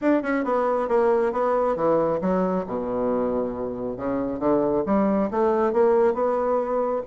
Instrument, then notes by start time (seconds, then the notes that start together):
bassoon
0.01 D4
0.22 C#4
0.44 B3
0.88 A#3
1.32 B3
1.76 E3
2.21 F#3
2.66 B2
3.96 C#3
4.39 D3
4.85 G3
5.30 A3
5.72 A#3
6.13 B3